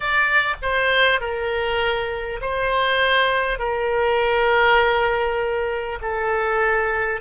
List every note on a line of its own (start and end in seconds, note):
0.00 0.55 D5
0.62 1.20 C5
1.20 2.40 A#4
2.41 3.58 C5
3.58 5.98 A#4
6.01 7.21 A4